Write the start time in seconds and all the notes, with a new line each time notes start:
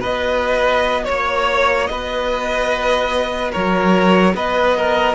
0.00 B3 F#4 B4 D#5
1.05 A#3 C#5
1.86 B3 B4 D#5
3.51 F#3 A#4 C#5
4.34 B3 B4 D#5
4.77 A#4